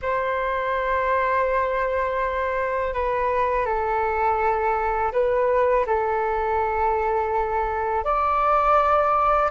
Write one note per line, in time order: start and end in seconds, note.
0.02 2.93 C5
2.93 3.66 B4
3.66 5.12 A4
5.12 5.85 B4
5.86 8.04 A4
8.04 9.50 D5